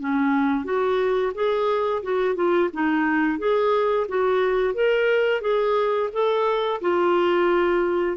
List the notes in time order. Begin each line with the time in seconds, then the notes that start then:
0.00 C#4
0.64 F#4
1.34 G#4
2.03 F#4
2.35 F4
2.73 D#4
3.38 G#4
4.08 F#4
4.74 A#4
5.41 G#4
6.13 A4
6.81 F4